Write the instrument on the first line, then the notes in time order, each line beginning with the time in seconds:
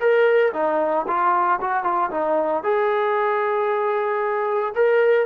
trombone
0.00 A#4
0.53 D#4
1.07 F4
1.61 F#4
1.84 F4
2.11 D#4
2.63 G#4
4.75 A#4